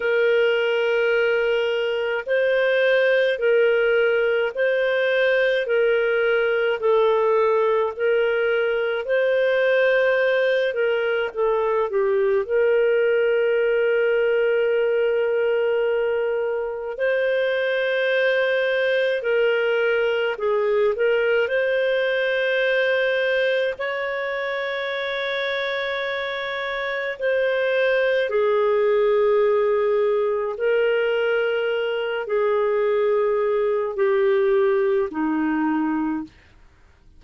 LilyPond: \new Staff \with { instrumentName = "clarinet" } { \time 4/4 \tempo 4 = 53 ais'2 c''4 ais'4 | c''4 ais'4 a'4 ais'4 | c''4. ais'8 a'8 g'8 ais'4~ | ais'2. c''4~ |
c''4 ais'4 gis'8 ais'8 c''4~ | c''4 cis''2. | c''4 gis'2 ais'4~ | ais'8 gis'4. g'4 dis'4 | }